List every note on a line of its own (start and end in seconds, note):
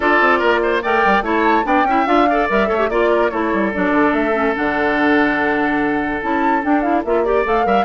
0.00 0.20 D4
0.00 0.82 F4
0.00 0.38 A4
0.00 0.81 D5
0.20 0.41 C4
0.38 0.83 A#3
0.38 0.59 A#4
0.62 0.82 C5
0.82 1.05 A3
0.82 1.23 A#4
0.82 1.23 D5
0.82 1.24 G5
1.05 1.21 G3
1.21 1.63 A3
1.21 1.63 E4
1.21 1.65 C#5
1.21 1.66 A5
1.63 1.84 B3
1.63 1.84 D4
1.63 1.87 D5
1.63 2.06 G5
1.84 2.04 C#4
1.84 2.06 E4
1.84 2.29 E5
2.06 2.47 D4
2.06 2.26 F4
2.06 2.48 F5
2.29 2.49 A4
2.29 2.68 D5
2.49 2.70 G3
2.49 2.67 A#4
2.49 2.89 E5
2.67 2.89 A3
2.67 2.77 A4
2.67 2.89 C#5
2.78 2.88 G4
2.89 3.30 A#3
2.89 3.30 F4
2.89 3.29 D5
2.89 3.10 D5
3.10 3.30 A#4
3.29 3.52 A3
3.29 3.72 E4
3.29 7.24 A4
3.29 3.70 C#5
3.52 3.73 G3
3.73 3.91 F#3
3.73 4.32 D4
3.73 4.13 D5
3.91 4.11 D3
4.12 4.54 A3
4.12 4.54 E5
4.32 4.53 C#4
4.55 6.22 D3
4.55 6.20 D4
4.55 6.21 F#5
6.21 6.64 C#4
6.21 6.62 E4
6.21 6.63 A5
6.62 6.82 D4
6.62 7.04 D4
6.62 6.81 G5
6.81 7.03 E4
6.81 7.01 F5
7.04 7.45 A#3
7.04 7.25 F4
7.04 7.24 E5
7.24 7.45 G4
7.24 7.45 D5
7.24 7.66 D5
7.45 7.65 A3
7.45 7.64 A4
7.45 7.84 F5
7.64 7.84 G3
7.64 7.84 A#4
7.64 7.84 E5